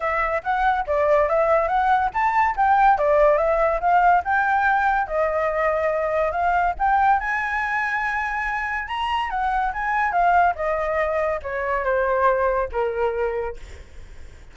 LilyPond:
\new Staff \with { instrumentName = "flute" } { \time 4/4 \tempo 4 = 142 e''4 fis''4 d''4 e''4 | fis''4 a''4 g''4 d''4 | e''4 f''4 g''2 | dis''2. f''4 |
g''4 gis''2.~ | gis''4 ais''4 fis''4 gis''4 | f''4 dis''2 cis''4 | c''2 ais'2 | }